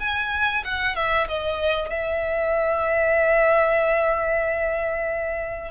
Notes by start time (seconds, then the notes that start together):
0.00 G#5
0.65 F#5
0.96 E5
1.28 D#5
1.90 E5